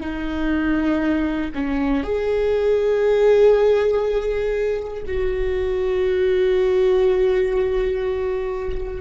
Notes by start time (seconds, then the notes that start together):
0.00 D#4
1.54 C#4
2.03 G#4
5.06 F#4